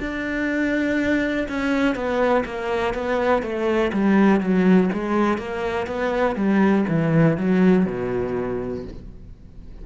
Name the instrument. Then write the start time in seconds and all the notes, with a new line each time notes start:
cello
0.00 D4
1.48 C#4
1.95 B3
2.45 A#3
2.94 B3
3.42 A3
3.93 G3
4.40 F#3
4.93 G#3
5.38 A#3
5.87 B3
6.36 G3
6.88 E3
7.37 F#3
7.86 B2